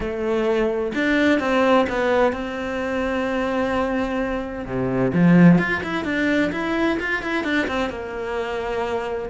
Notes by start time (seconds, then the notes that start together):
0.00 A3
0.94 D4
1.39 C4
1.89 B3
2.32 C4
4.65 C3
5.13 F3
5.58 F4
5.83 E4
6.04 D4
6.52 E4
6.99 F4
7.22 E4
7.43 D4
7.67 C4
7.89 A#3